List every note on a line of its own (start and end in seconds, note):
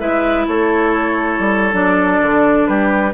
0.00 0.48 G#3
0.00 1.73 E4
0.00 0.47 B4
0.00 0.47 E5
0.48 1.40 A3
0.48 2.69 A4
0.48 1.76 C#5
1.40 1.73 G3
1.73 2.20 F#3
1.73 3.13 D4
1.73 2.67 D5
2.22 2.69 D3
2.67 3.14 G3
2.67 3.14 G4
2.67 3.14 B4